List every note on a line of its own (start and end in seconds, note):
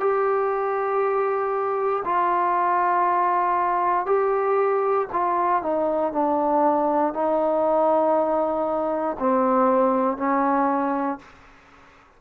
0.00 2.03 G4
2.05 4.06 F4
4.06 5.08 G4
5.13 5.63 F4
5.63 6.13 D#4
6.13 7.14 D4
7.14 9.17 D#4
9.20 10.17 C4
10.17 11.19 C#4